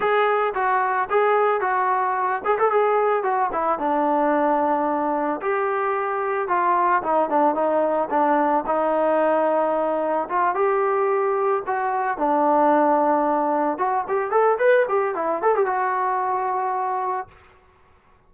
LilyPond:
\new Staff \with { instrumentName = "trombone" } { \time 4/4 \tempo 4 = 111 gis'4 fis'4 gis'4 fis'4~ | fis'8 gis'16 a'16 gis'4 fis'8 e'8 d'4~ | d'2 g'2 | f'4 dis'8 d'8 dis'4 d'4 |
dis'2. f'8 g'8~ | g'4. fis'4 d'4.~ | d'4. fis'8 g'8 a'8 b'8 g'8 | e'8 a'16 g'16 fis'2. | }